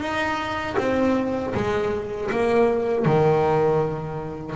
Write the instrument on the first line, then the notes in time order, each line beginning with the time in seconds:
double bass
0.00 D#4
0.78 C4
1.54 G#3
2.31 A#3
3.06 D#3